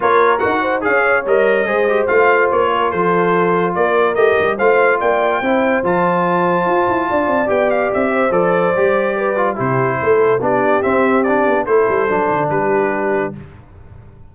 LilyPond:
<<
  \new Staff \with { instrumentName = "trumpet" } { \time 4/4 \tempo 4 = 144 cis''4 fis''4 f''4 dis''4~ | dis''4 f''4 cis''4 c''4~ | c''4 d''4 dis''4 f''4 | g''2 a''2~ |
a''2 g''8 f''8 e''4 | d''2. c''4~ | c''4 d''4 e''4 d''4 | c''2 b'2 | }
  \new Staff \with { instrumentName = "horn" } { \time 4/4 ais'4. c''8 cis''2 | c''2~ c''8 ais'8 a'4~ | a'4 ais'2 c''4 | d''4 c''2.~ |
c''4 d''2~ d''8 c''8~ | c''2 b'4 g'4 | a'4 g'2. | a'2 g'2 | }
  \new Staff \with { instrumentName = "trombone" } { \time 4/4 f'4 fis'4 gis'4 ais'4 | gis'8 g'8 f'2.~ | f'2 g'4 f'4~ | f'4 e'4 f'2~ |
f'2 g'2 | a'4 g'4. f'8 e'4~ | e'4 d'4 c'4 d'4 | e'4 d'2. | }
  \new Staff \with { instrumentName = "tuba" } { \time 4/4 ais4 dis'4 cis'4 g4 | gis4 a4 ais4 f4~ | f4 ais4 a8 g8 a4 | ais4 c'4 f2 |
f'8 e'8 d'8 c'8 b4 c'4 | f4 g2 c4 | a4 b4 c'4. b8 | a8 g8 fis8 d8 g2 | }
>>